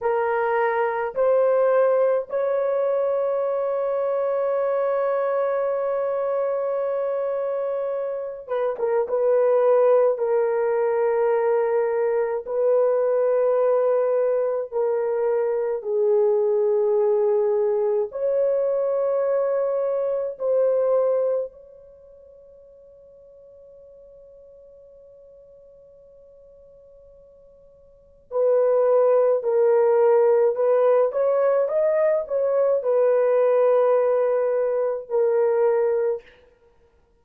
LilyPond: \new Staff \with { instrumentName = "horn" } { \time 4/4 \tempo 4 = 53 ais'4 c''4 cis''2~ | cis''2.~ cis''8 b'16 ais'16 | b'4 ais'2 b'4~ | b'4 ais'4 gis'2 |
cis''2 c''4 cis''4~ | cis''1~ | cis''4 b'4 ais'4 b'8 cis''8 | dis''8 cis''8 b'2 ais'4 | }